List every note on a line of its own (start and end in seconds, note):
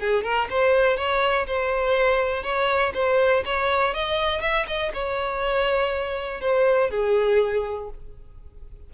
0.00 0.23 G#4
0.23 0.48 A#4
0.50 0.96 C5
0.96 1.46 C#5
1.47 2.43 C5
2.43 2.93 C#5
2.94 3.43 C5
3.45 3.94 C#5
3.94 4.41 D#5
4.41 4.66 E5
4.67 4.92 D#5
4.93 6.40 C#5
6.40 6.90 C5
6.90 7.89 G#4